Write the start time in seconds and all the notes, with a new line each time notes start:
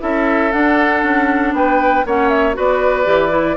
0.00 C#4 E4 A4 E5
0.51 D4 F#5
1.03 C#4
1.52 B3 B4 G5
2.06 A#3 C#4 C#5 F#5
2.29 E5
2.54 B3 F#4 B4 D5
3.04 E3 G4
3.30 E4